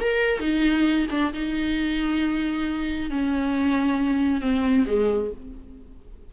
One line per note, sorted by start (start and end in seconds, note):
0.00 0.40 A#4
0.40 1.06 D#4
1.11 1.33 D4
1.33 3.10 D#4
3.10 4.41 C#4
4.41 4.85 C4
4.86 5.31 G#3